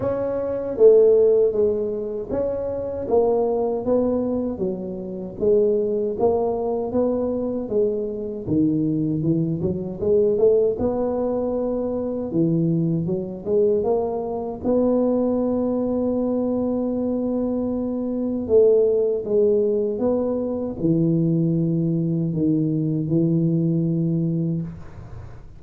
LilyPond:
\new Staff \with { instrumentName = "tuba" } { \time 4/4 \tempo 4 = 78 cis'4 a4 gis4 cis'4 | ais4 b4 fis4 gis4 | ais4 b4 gis4 dis4 | e8 fis8 gis8 a8 b2 |
e4 fis8 gis8 ais4 b4~ | b1 | a4 gis4 b4 e4~ | e4 dis4 e2 | }